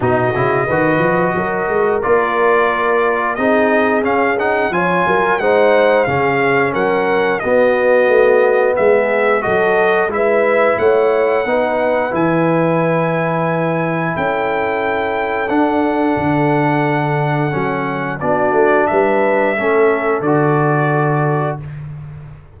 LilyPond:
<<
  \new Staff \with { instrumentName = "trumpet" } { \time 4/4 \tempo 4 = 89 dis''2. d''4~ | d''4 dis''4 f''8 fis''8 gis''4 | fis''4 f''4 fis''4 dis''4~ | dis''4 e''4 dis''4 e''4 |
fis''2 gis''2~ | gis''4 g''2 fis''4~ | fis''2. d''4 | e''2 d''2 | }
  \new Staff \with { instrumentName = "horn" } { \time 4/4 fis'4 b'4 ais'2~ | ais'4 gis'2 cis''8 ais'8 | c''4 gis'4 ais'4 fis'4~ | fis'4 gis'4 a'4 b'4 |
cis''4 b'2.~ | b'4 a'2.~ | a'2. fis'4 | b'4 a'2. | }
  \new Staff \with { instrumentName = "trombone" } { \time 4/4 dis'8 e'8 fis'2 f'4~ | f'4 dis'4 cis'8 dis'8 f'4 | dis'4 cis'2 b4~ | b2 fis'4 e'4~ |
e'4 dis'4 e'2~ | e'2. d'4~ | d'2 cis'4 d'4~ | d'4 cis'4 fis'2 | }
  \new Staff \with { instrumentName = "tuba" } { \time 4/4 b,8 cis8 dis8 f8 fis8 gis8 ais4~ | ais4 c'4 cis'4 f8 fis8 | gis4 cis4 fis4 b4 | a4 gis4 fis4 gis4 |
a4 b4 e2~ | e4 cis'2 d'4 | d2 fis4 b8 a8 | g4 a4 d2 | }
>>